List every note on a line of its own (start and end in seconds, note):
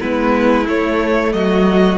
0.00 0.68 G#3
0.00 0.66 B3
0.00 1.33 E4
0.00 0.67 B4
0.66 1.98 A3
0.66 1.33 A3
0.66 1.32 C#5
1.32 1.98 F#3
1.32 1.98 F#4
1.32 1.98 D#5